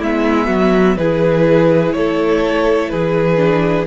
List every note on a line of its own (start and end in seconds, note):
0.00 0.49 G#3
0.00 1.01 B3
0.00 0.47 E4
0.00 0.98 E5
0.47 0.97 F#3
0.47 0.95 F#4
0.97 1.94 E3
0.97 3.37 E4
0.97 1.96 G#4
0.97 1.93 B4
1.93 2.92 A3
1.93 2.92 A4
1.93 2.90 C#5
2.90 3.88 E3
2.90 3.88 G#4
2.90 3.86 B4
3.37 3.85 D4